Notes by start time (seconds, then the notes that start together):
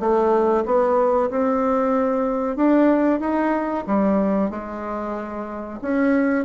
0.00 A3
0.65 B3
1.30 C4
2.56 D4
3.20 D#4
3.87 G3
4.50 G#3
5.82 C#4